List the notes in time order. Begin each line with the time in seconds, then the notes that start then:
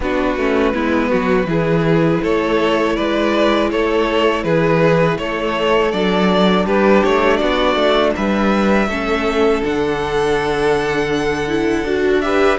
0.00 B3 D4 F#4 B4
0.36 A3 C#4
0.74 G#3 B3 E4
1.09 F#3 F#4
1.45 E3 E4 G#4
2.22 A3 A4 C#5
2.95 G#3 B4 D5
3.71 A3 A4 C#5
4.43 E3 G#4 B4
5.18 A3 A4 C#5
5.91 F#3 D4 D5
6.65 G3 G4 B4
7.03 A3 C#5
7.36 B3 F#4 D5
7.75 A3
8.15 G3 B4 E5
8.87 A3 C#4 A4
9.63 D3 D4 F#5
11.48 E4
11.83 D4 F#4
12.20 G4 B4 E5